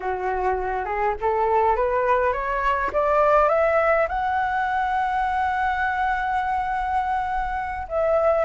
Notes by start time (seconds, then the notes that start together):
0.00 F#4
0.85 G#4
1.20 A4
1.76 B4
2.32 C#5
2.92 D5
3.48 E5
4.08 F#5
7.88 E5